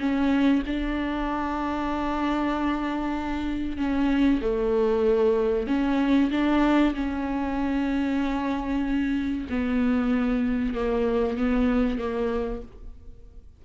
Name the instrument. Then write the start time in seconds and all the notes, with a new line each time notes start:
viola
0.00 C#4
0.67 D4
3.78 C#4
4.42 A3
5.68 C#4
6.31 D4
6.95 C#4
9.50 B3
10.75 A#3
11.38 B3
11.99 A#3